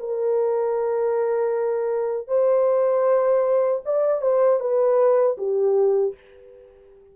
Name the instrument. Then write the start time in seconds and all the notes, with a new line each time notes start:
horn
0.00 A#4
2.28 C5
3.86 D5
4.22 C5
4.60 B4
5.38 G4